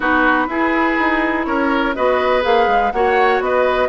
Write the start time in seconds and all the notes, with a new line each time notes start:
0.00 B3 D#4 F#4 B4
0.47 E4 G#4
0.99 D#4
1.45 C#4 A#4 C#5
1.94 B3 F#4 B4 D#5
2.41 A#3 G#4 F5
2.67 G#3
2.91 A#3 F#4 C#5 F#5
3.40 B3 B4 D#5